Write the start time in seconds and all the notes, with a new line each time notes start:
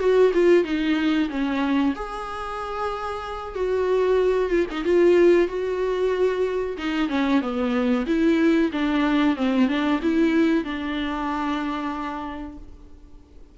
0.00 F#4
0.34 F4
0.65 D#4
1.30 C#4
1.96 G#4
3.55 F#4
4.50 F4
4.71 D#4
4.85 F4
5.48 F#4
6.78 D#4
7.10 C#4
7.42 B3
8.07 E4
8.73 D4
9.37 C4
9.69 D4
10.03 E4
10.65 D4